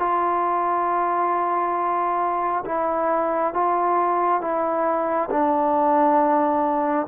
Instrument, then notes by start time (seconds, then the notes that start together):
trombone
0.00 F4
2.66 E4
3.54 F4
4.42 E4
5.31 D4